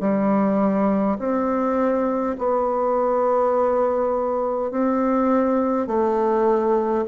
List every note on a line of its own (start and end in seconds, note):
0.00 1.18 G3
1.19 2.36 C4
2.38 4.71 B3
4.71 5.87 C4
5.87 7.04 A3